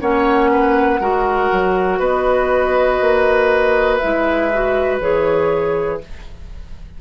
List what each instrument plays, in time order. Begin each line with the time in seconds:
0.00 bassoon A#3, clarinet C#4, oboe C#5, flute F#5
0.50 oboe B4
1.00 bassoon G#3, clarinet F#4, oboe A#4
1.51 bassoon F#3
1.98 bassoon B3, oboe B4, flute D#5
3.00 bassoon A#3
3.96 clarinet E4, flute E5
4.03 bassoon G#3
4.52 clarinet F#4
5.00 bassoon E3, clarinet G#4, flute C#5